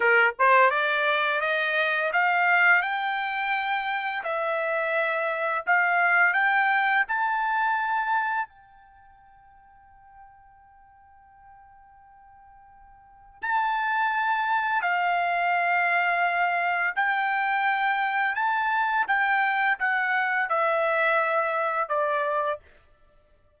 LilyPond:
\new Staff \with { instrumentName = "trumpet" } { \time 4/4 \tempo 4 = 85 ais'8 c''8 d''4 dis''4 f''4 | g''2 e''2 | f''4 g''4 a''2 | g''1~ |
g''2. a''4~ | a''4 f''2. | g''2 a''4 g''4 | fis''4 e''2 d''4 | }